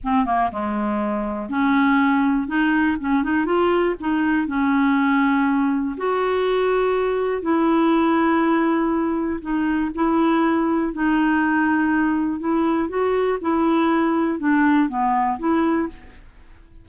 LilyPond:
\new Staff \with { instrumentName = "clarinet" } { \time 4/4 \tempo 4 = 121 c'8 ais8 gis2 cis'4~ | cis'4 dis'4 cis'8 dis'8 f'4 | dis'4 cis'2. | fis'2. e'4~ |
e'2. dis'4 | e'2 dis'2~ | dis'4 e'4 fis'4 e'4~ | e'4 d'4 b4 e'4 | }